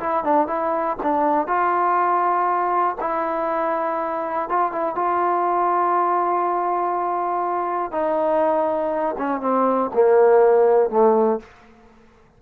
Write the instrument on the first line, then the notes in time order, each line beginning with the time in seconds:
trombone
0.00 E4
0.25 D4
0.48 E4
1.03 D4
1.48 F4
3.01 E4
4.49 F4
4.72 E4
4.96 F4
7.92 D#4
9.18 C#4
9.41 C4
9.94 A#3
10.91 A3